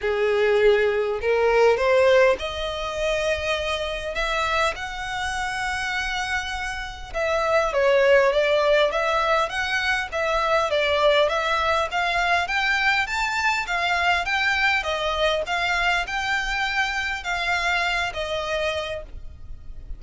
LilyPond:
\new Staff \with { instrumentName = "violin" } { \time 4/4 \tempo 4 = 101 gis'2 ais'4 c''4 | dis''2. e''4 | fis''1 | e''4 cis''4 d''4 e''4 |
fis''4 e''4 d''4 e''4 | f''4 g''4 a''4 f''4 | g''4 dis''4 f''4 g''4~ | g''4 f''4. dis''4. | }